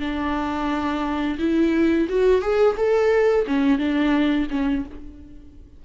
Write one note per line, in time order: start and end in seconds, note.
0.00 1.38 D4
1.39 2.08 E4
2.09 2.42 F#4
2.42 2.76 G#4
2.77 3.46 A4
3.47 3.78 C#4
3.78 4.47 D4
4.50 4.85 C#4